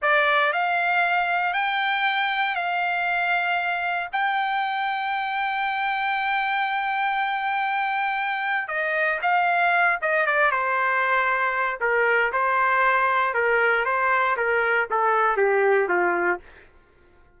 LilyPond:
\new Staff \with { instrumentName = "trumpet" } { \time 4/4 \tempo 4 = 117 d''4 f''2 g''4~ | g''4 f''2. | g''1~ | g''1~ |
g''4 dis''4 f''4. dis''8 | d''8 c''2~ c''8 ais'4 | c''2 ais'4 c''4 | ais'4 a'4 g'4 f'4 | }